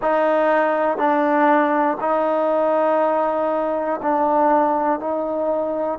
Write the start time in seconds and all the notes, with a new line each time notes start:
0.01 D#4
0.97 D4
2.00 D#4
4.02 D4
4.99 D#4